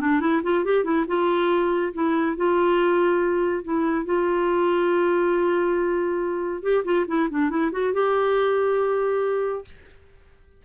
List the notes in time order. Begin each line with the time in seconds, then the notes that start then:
0.00 D4
0.20 E4
0.43 F4
0.64 G4
0.84 E4
1.07 F4
1.93 E4
2.36 F4
3.64 E4
4.05 F4
6.62 G4
6.84 F4
7.07 E4
7.30 D4
7.49 E4
7.72 F#4
7.93 G4